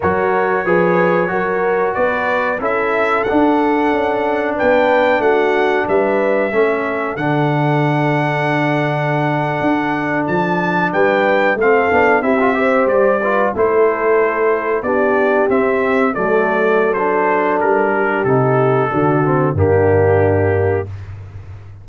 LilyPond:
<<
  \new Staff \with { instrumentName = "trumpet" } { \time 4/4 \tempo 4 = 92 cis''2. d''4 | e''4 fis''2 g''4 | fis''4 e''2 fis''4~ | fis''2.~ fis''8. a''16~ |
a''8. g''4 f''4 e''4 d''16~ | d''8. c''2 d''4 e''16~ | e''8. d''4~ d''16 c''4 ais'4 | a'2 g'2 | }
  \new Staff \with { instrumentName = "horn" } { \time 4/4 ais'4 b'4 ais'4 b'4 | a'2. b'4 | fis'4 b'4 a'2~ | a'1~ |
a'8. b'4 a'4 g'8 c''8.~ | c''16 b'8 a'2 g'4~ g'16~ | g'8. a'2~ a'8. g'8~ | g'4 fis'4 d'2 | }
  \new Staff \with { instrumentName = "trombone" } { \time 4/4 fis'4 gis'4 fis'2 | e'4 d'2.~ | d'2 cis'4 d'4~ | d'1~ |
d'4.~ d'16 c'8 d'8 e'16 f'16 g'8.~ | g'16 f'8 e'2 d'4 c'16~ | c'8. a4~ a16 d'2 | dis'4 d'8 c'8 ais2 | }
  \new Staff \with { instrumentName = "tuba" } { \time 4/4 fis4 f4 fis4 b4 | cis'4 d'4 cis'4 b4 | a4 g4 a4 d4~ | d2~ d8. d'4 f16~ |
f8. g4 a8 b8 c'4 g16~ | g8. a2 b4 c'16~ | c'8. fis2~ fis16 g4 | c4 d4 g,2 | }
>>